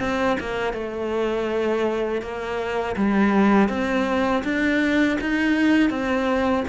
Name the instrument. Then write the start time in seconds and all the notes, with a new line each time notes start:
cello
0.00 C4
0.40 A#3
0.73 A3
2.22 A#3
2.97 G3
3.69 C4
4.44 D4
5.21 D#4
5.90 C4